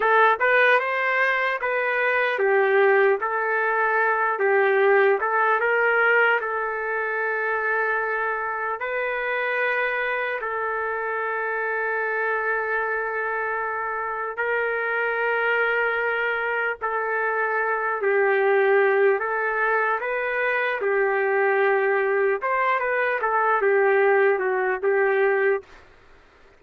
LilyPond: \new Staff \with { instrumentName = "trumpet" } { \time 4/4 \tempo 4 = 75 a'8 b'8 c''4 b'4 g'4 | a'4. g'4 a'8 ais'4 | a'2. b'4~ | b'4 a'2.~ |
a'2 ais'2~ | ais'4 a'4. g'4. | a'4 b'4 g'2 | c''8 b'8 a'8 g'4 fis'8 g'4 | }